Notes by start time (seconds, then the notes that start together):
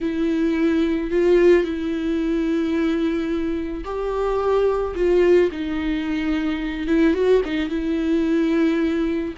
0.01 E4
1.10 F4
1.63 E4
3.84 G4
4.95 F4
5.51 D#4
6.87 E4
7.14 F#4
7.44 D#4
7.69 E4